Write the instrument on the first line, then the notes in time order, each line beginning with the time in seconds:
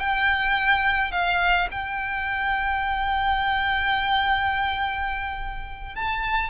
violin
0.00 G5
1.12 F5
1.72 G5
5.96 A5